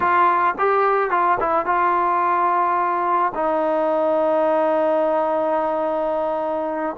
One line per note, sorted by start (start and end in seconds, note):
0.00 0.54 F4
0.58 1.10 G4
1.10 1.38 F4
1.39 1.65 E4
1.65 3.32 F4
3.35 6.96 D#4